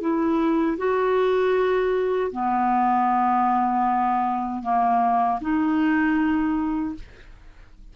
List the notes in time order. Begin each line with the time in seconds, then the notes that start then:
0.00 E4
0.77 F#4
2.31 B3
4.62 A#3
5.41 D#4